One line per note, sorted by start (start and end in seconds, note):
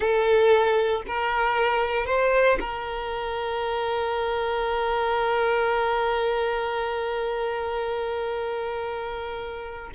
0.00 1.02 A4
1.07 2.06 A#4
2.06 2.58 C5
2.60 9.90 A#4